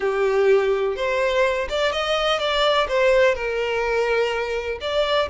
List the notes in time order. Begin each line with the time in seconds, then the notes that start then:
0.00 G4
0.96 C5
1.69 D5
1.92 D#5
2.39 D5
2.88 C5
3.34 A#4
4.80 D5